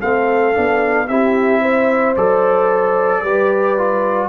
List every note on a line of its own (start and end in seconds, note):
0.00 0.56 A3
0.00 0.53 C4
0.00 1.07 A4
0.00 1.08 F5
0.53 1.08 B3
0.53 1.06 D4
1.08 2.15 C4
1.08 2.17 E4
1.08 1.61 G4
1.08 2.15 E5
1.61 3.22 C5
2.16 3.22 F#3
2.16 3.24 A4
2.16 4.29 D5
3.22 4.29 G3
3.22 3.77 G4
3.22 4.29 B4
3.77 4.29 F4